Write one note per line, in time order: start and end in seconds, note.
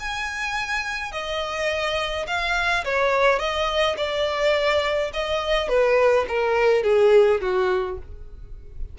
0.00 1.12 G#5
1.12 2.27 D#5
2.28 2.85 F5
2.85 3.39 C#5
3.39 3.97 D#5
3.97 5.12 D5
5.14 5.69 D#5
5.69 6.26 B4
6.29 6.84 A#4
6.84 7.41 G#4
7.41 7.98 F#4